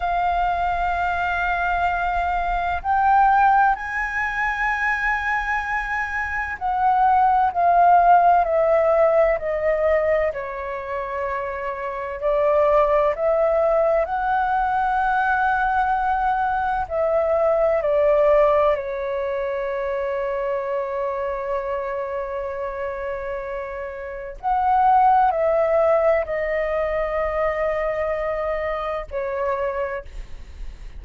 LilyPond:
\new Staff \with { instrumentName = "flute" } { \time 4/4 \tempo 4 = 64 f''2. g''4 | gis''2. fis''4 | f''4 e''4 dis''4 cis''4~ | cis''4 d''4 e''4 fis''4~ |
fis''2 e''4 d''4 | cis''1~ | cis''2 fis''4 e''4 | dis''2. cis''4 | }